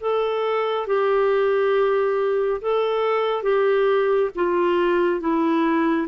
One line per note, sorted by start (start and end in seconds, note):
0.00 0.86 A4
0.86 2.60 G4
2.61 3.43 A4
3.43 4.30 G4
4.35 5.20 F4
5.20 6.07 E4